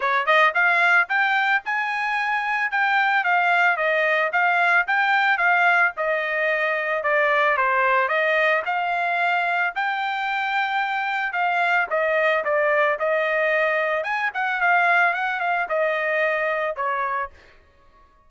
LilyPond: \new Staff \with { instrumentName = "trumpet" } { \time 4/4 \tempo 4 = 111 cis''8 dis''8 f''4 g''4 gis''4~ | gis''4 g''4 f''4 dis''4 | f''4 g''4 f''4 dis''4~ | dis''4 d''4 c''4 dis''4 |
f''2 g''2~ | g''4 f''4 dis''4 d''4 | dis''2 gis''8 fis''8 f''4 | fis''8 f''8 dis''2 cis''4 | }